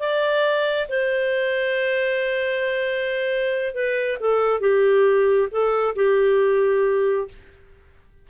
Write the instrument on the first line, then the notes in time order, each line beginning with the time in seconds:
clarinet
0.00 D5
0.89 C5
3.74 B4
4.20 A4
4.61 G4
5.51 A4
5.96 G4